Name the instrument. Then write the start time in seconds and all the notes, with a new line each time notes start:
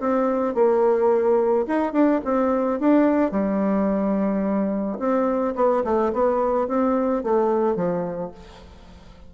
bassoon
0.00 C4
0.55 A#3
1.68 D#4
1.93 D4
2.25 C4
2.80 D4
3.32 G3
4.99 C4
5.56 B3
5.85 A3
6.14 B3
6.68 C4
7.24 A3
7.76 F3